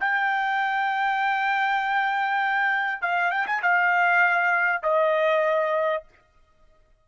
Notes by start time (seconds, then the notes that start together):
0.00 G5
3.01 F5
3.31 G5
3.46 G#5
3.62 F5
4.82 D#5